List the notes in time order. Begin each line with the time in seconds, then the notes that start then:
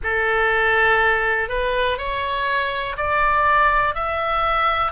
0.03 A4
1.48 B4
1.98 C#5
2.96 D5
3.94 E5